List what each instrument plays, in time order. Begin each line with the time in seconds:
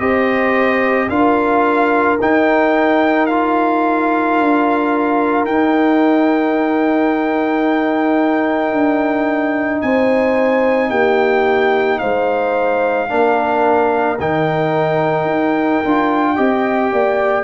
0.00 tuba C4, trombone G4, horn C5, trumpet D#5
1.10 tuba D4, trombone F4, horn A#4, trumpet F5
2.21 tuba D#4, trombone D#4, trumpet G5
3.27 trombone F4, trumpet F5
4.40 tuba D4
5.45 tuba D#4, trombone D#4, trumpet G5
8.72 tuba D4
9.82 tuba C4, horn C5, trumpet G#5
10.90 tuba A#3, horn G4, trumpet G5
11.99 tuba G#3, horn C5, trumpet F5
13.10 tuba A#3, trombone D4, horn A#4
14.20 tuba D#3, trombone D#4, trumpet G5
15.25 tuba D#4
15.85 tuba D4, trombone F4
16.35 tuba C4, trombone G4, horn D#5
16.92 tuba A#3, horn D5